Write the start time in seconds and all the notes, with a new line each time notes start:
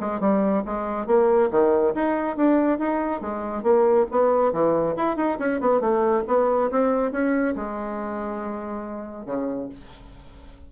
0.00 G#3
0.20 G3
0.65 G#3
1.07 A#3
1.51 D#3
1.94 D#4
2.37 D4
2.78 D#4
3.21 G#3
3.63 A#3
4.11 B3
4.53 E3
4.96 E4
5.16 D#4
5.39 C#4
5.61 B3
5.81 A3
6.27 B3
6.71 C4
7.12 C#4
7.56 G#3
9.26 C#3